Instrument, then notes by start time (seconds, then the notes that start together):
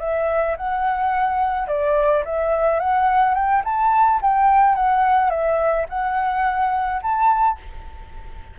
flute
0.00 E5
0.57 F#5
1.68 D5
2.25 E5
2.80 F#5
3.34 G5
3.64 A5
4.22 G5
4.75 F#5
5.30 E5
5.89 F#5
7.03 A5